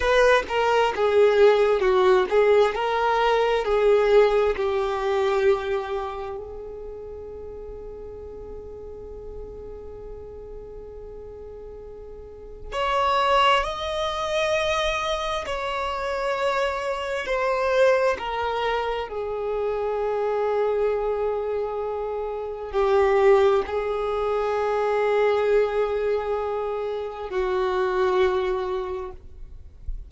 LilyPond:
\new Staff \with { instrumentName = "violin" } { \time 4/4 \tempo 4 = 66 b'8 ais'8 gis'4 fis'8 gis'8 ais'4 | gis'4 g'2 gis'4~ | gis'1~ | gis'2 cis''4 dis''4~ |
dis''4 cis''2 c''4 | ais'4 gis'2.~ | gis'4 g'4 gis'2~ | gis'2 fis'2 | }